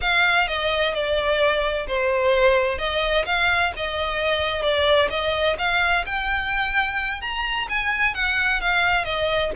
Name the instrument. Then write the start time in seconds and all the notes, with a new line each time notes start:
violin
0.01 F5
0.47 D#5
0.93 D5
1.87 C5
2.78 D#5
3.25 F5
3.76 D#5
4.62 D5
5.10 D#5
5.58 F5
6.06 G5
7.21 A#5
7.69 G#5
8.14 F#5
8.60 F5
9.04 D#5